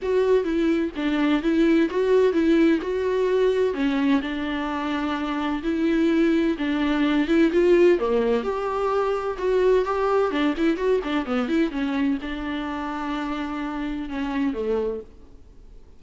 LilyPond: \new Staff \with { instrumentName = "viola" } { \time 4/4 \tempo 4 = 128 fis'4 e'4 d'4 e'4 | fis'4 e'4 fis'2 | cis'4 d'2. | e'2 d'4. e'8 |
f'4 ais4 g'2 | fis'4 g'4 d'8 e'8 fis'8 d'8 | b8 e'8 cis'4 d'2~ | d'2 cis'4 a4 | }